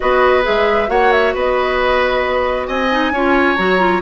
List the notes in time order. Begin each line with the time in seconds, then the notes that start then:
0.00 B3 F#4 B4 D#5
0.43 G#3 G#4 E5
0.87 A#3 F#4 C#5 F#5
1.12 E5
1.34 B3 B4 D#5
2.67 C4 D#5 G#5
2.91 D#4
3.11 C#4 F4 C#5
3.56 F#3 F#4 A#5
3.78 F4